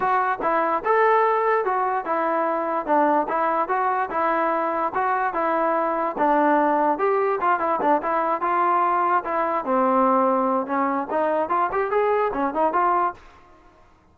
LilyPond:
\new Staff \with { instrumentName = "trombone" } { \time 4/4 \tempo 4 = 146 fis'4 e'4 a'2 | fis'4 e'2 d'4 | e'4 fis'4 e'2 | fis'4 e'2 d'4~ |
d'4 g'4 f'8 e'8 d'8 e'8~ | e'8 f'2 e'4 c'8~ | c'2 cis'4 dis'4 | f'8 g'8 gis'4 cis'8 dis'8 f'4 | }